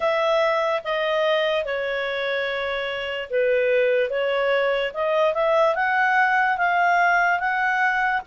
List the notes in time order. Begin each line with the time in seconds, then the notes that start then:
0.00 E5
0.84 D#5
1.64 C#5
3.30 B4
4.09 C#5
4.93 D#5
5.33 E5
5.75 F#5
6.57 F5
7.39 F#5